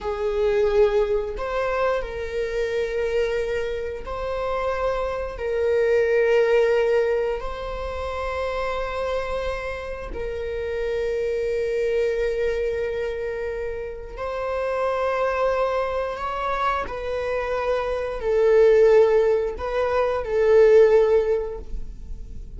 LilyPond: \new Staff \with { instrumentName = "viola" } { \time 4/4 \tempo 4 = 89 gis'2 c''4 ais'4~ | ais'2 c''2 | ais'2. c''4~ | c''2. ais'4~ |
ais'1~ | ais'4 c''2. | cis''4 b'2 a'4~ | a'4 b'4 a'2 | }